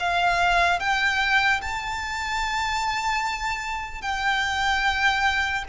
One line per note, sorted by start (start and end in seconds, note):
0.00 0.80 F5
0.80 1.61 G5
1.62 4.02 A5
4.02 5.64 G5